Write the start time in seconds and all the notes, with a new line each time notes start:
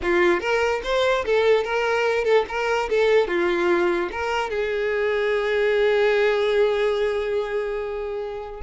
0.02 F4
0.40 A#4
0.83 C5
1.25 A4
1.64 A#4
2.24 A4
2.48 A#4
2.89 A4
3.27 F4
4.11 A#4
4.50 G#4